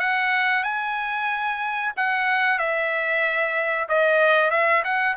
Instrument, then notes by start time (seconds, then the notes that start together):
trumpet
0.00 F#5
0.64 G#5
1.96 F#5
2.59 E5
3.89 D#5
4.51 E5
4.84 F#5